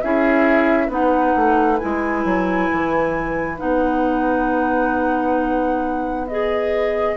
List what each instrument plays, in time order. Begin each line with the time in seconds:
0.00 bassoon C#4, clarinet E4, oboe G#4, flute E5
0.86 bassoon B3, clarinet D#4, oboe B4, flute F#5
1.35 bassoon A3
1.77 clarinet E4, flute G#5
1.83 bassoon G#3
2.24 bassoon F#3
2.72 bassoon E3
3.57 bassoon B3, clarinet D#4, flute F#5
6.27 clarinet G#4, flute D#5